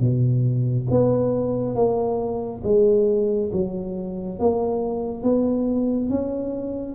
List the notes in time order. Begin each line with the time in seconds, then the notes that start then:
0.00 B2
0.90 B3
1.75 A#3
2.64 G#3
3.52 F#3
4.39 A#3
5.23 B3
6.09 C#4